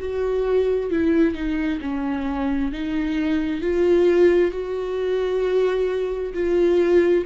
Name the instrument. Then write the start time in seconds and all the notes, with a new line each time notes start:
viola
0.00 F#4
0.90 E4
1.35 D#4
1.82 C#4
2.72 D#4
3.62 F4
4.52 F#4
6.34 F4